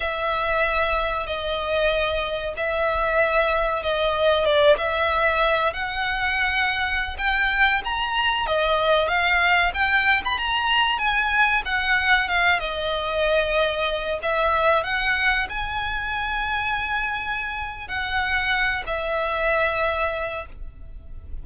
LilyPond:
\new Staff \with { instrumentName = "violin" } { \time 4/4 \tempo 4 = 94 e''2 dis''2 | e''2 dis''4 d''8 e''8~ | e''4 fis''2~ fis''16 g''8.~ | g''16 ais''4 dis''4 f''4 g''8. |
b''16 ais''4 gis''4 fis''4 f''8 dis''16~ | dis''2~ dis''16 e''4 fis''8.~ | fis''16 gis''2.~ gis''8. | fis''4. e''2~ e''8 | }